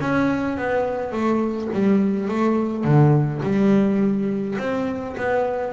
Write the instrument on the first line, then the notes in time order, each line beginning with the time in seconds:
double bass
0.00 C#4
0.58 B3
1.12 A3
1.73 G3
2.28 A3
2.84 D3
3.43 G3
4.59 C4
5.17 B3